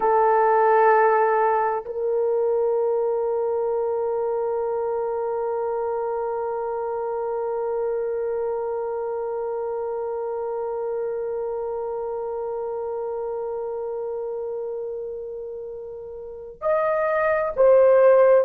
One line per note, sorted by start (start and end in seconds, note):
0.00 1.84 A4
1.85 16.61 A#4
16.61 17.53 D#5
17.56 18.44 C5